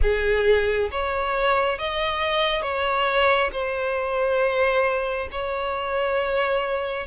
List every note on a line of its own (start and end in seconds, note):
0.02 0.90 G#4
0.91 1.78 C#5
1.78 2.62 D#5
2.62 3.50 C#5
3.52 5.28 C5
5.31 7.06 C#5